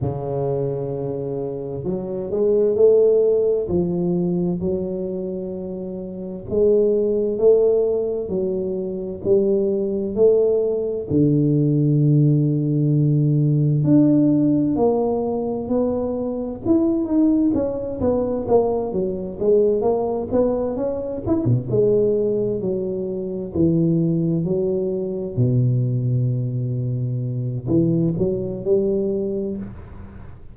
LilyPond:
\new Staff \with { instrumentName = "tuba" } { \time 4/4 \tempo 4 = 65 cis2 fis8 gis8 a4 | f4 fis2 gis4 | a4 fis4 g4 a4 | d2. d'4 |
ais4 b4 e'8 dis'8 cis'8 b8 | ais8 fis8 gis8 ais8 b8 cis'8 e'16 b,16 gis8~ | gis8 fis4 e4 fis4 b,8~ | b,2 e8 fis8 g4 | }